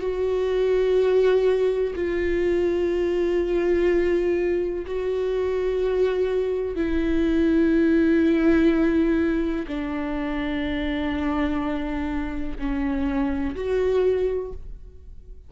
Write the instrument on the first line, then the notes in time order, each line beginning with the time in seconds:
viola
0.00 F#4
1.95 F4
4.86 F#4
6.76 E4
9.67 D4
12.59 C#4
13.55 F#4